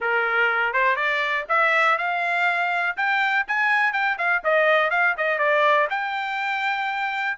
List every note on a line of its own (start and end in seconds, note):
0.00 0.73 A#4
0.73 0.96 C5
0.96 1.45 D5
1.48 1.97 E5
1.98 2.96 F5
2.96 3.46 G5
3.47 3.92 G#5
3.92 4.17 G5
4.17 4.42 F5
4.44 4.90 D#5
4.90 5.15 F5
5.17 5.38 D#5
5.38 5.87 D5
5.90 7.37 G5